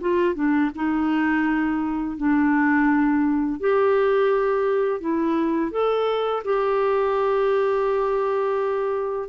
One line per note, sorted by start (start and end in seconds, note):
0.00 0.34 F4
0.34 0.70 D4
0.75 2.17 D#4
2.17 3.59 D4
3.59 5.00 G4
5.00 5.71 E4
5.71 6.42 A4
6.44 9.29 G4